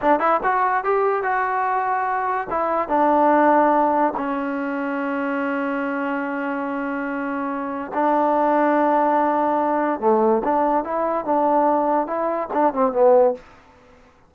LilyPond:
\new Staff \with { instrumentName = "trombone" } { \time 4/4 \tempo 4 = 144 d'8 e'8 fis'4 g'4 fis'4~ | fis'2 e'4 d'4~ | d'2 cis'2~ | cis'1~ |
cis'2. d'4~ | d'1 | a4 d'4 e'4 d'4~ | d'4 e'4 d'8 c'8 b4 | }